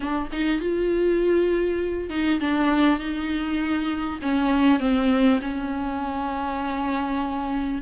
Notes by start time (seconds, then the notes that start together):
0.00 D4
0.31 D#4
0.60 F4
2.09 D#4
2.40 D4
2.99 D#4
4.22 C#4
4.79 C4
5.41 C#4